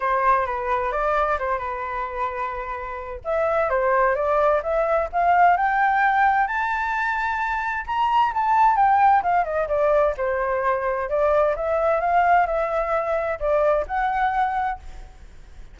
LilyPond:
\new Staff \with { instrumentName = "flute" } { \time 4/4 \tempo 4 = 130 c''4 b'4 d''4 c''8 b'8~ | b'2. e''4 | c''4 d''4 e''4 f''4 | g''2 a''2~ |
a''4 ais''4 a''4 g''4 | f''8 dis''8 d''4 c''2 | d''4 e''4 f''4 e''4~ | e''4 d''4 fis''2 | }